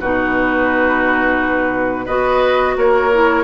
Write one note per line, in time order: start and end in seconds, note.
0.00 2.07 B2
0.00 2.08 D#4
0.00 2.05 F#4
0.00 2.06 B4
2.05 2.76 B3
2.05 3.11 F#4
2.05 2.74 B4
2.05 2.75 D#5
2.77 3.44 A#3
2.77 3.44 A#4
2.77 3.44 C#5
3.13 3.44 E4